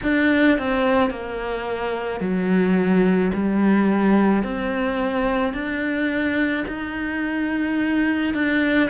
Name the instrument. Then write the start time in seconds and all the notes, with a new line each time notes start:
cello
0.03 D4
0.58 C4
1.10 A#3
2.20 F#3
3.33 G3
4.43 C4
5.53 D4
6.67 D#4
8.33 D4